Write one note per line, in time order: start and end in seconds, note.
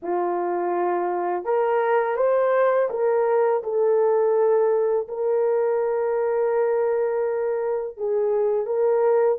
0.02 1.44 F4
1.44 2.16 A#4
2.16 2.88 C5
2.90 3.62 A#4
3.63 5.07 A4
5.08 7.97 A#4
7.97 8.65 G#4
8.65 9.38 A#4